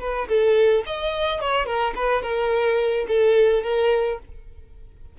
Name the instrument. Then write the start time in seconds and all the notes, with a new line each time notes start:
violin
0.00 B4
0.29 A4
0.86 D#5
1.41 C#5
1.66 A#4
1.95 B4
2.22 A#4
3.08 A4
3.63 A#4